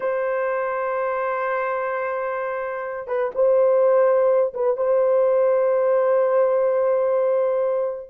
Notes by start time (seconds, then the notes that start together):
0.00 C5
3.07 B4
3.34 C5
4.54 B4
4.76 C5